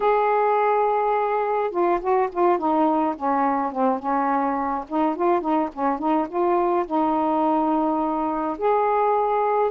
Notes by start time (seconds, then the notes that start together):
0.00 G#4
1.71 F4
2.00 F#4
2.32 F4
2.58 D#4
3.16 C#4
3.72 C4
3.99 C#4
4.88 D#4
5.15 F4
5.40 D#4
5.73 C#4
5.98 D#4
6.28 F4
6.86 D#4
8.58 G#4